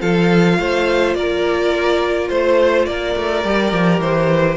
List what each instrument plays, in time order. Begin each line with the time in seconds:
0.00 cello F3, viola F4, violin A4 F5
0.58 cello A3, violin C5
1.14 cello A#3, violin A#4 D5
2.29 cello A3, violin C5
2.85 cello A#3, violin A#4 D5
3.15 cello A3
3.44 cello G3, viola G4
3.72 cello F3
3.99 cello E3, violin C5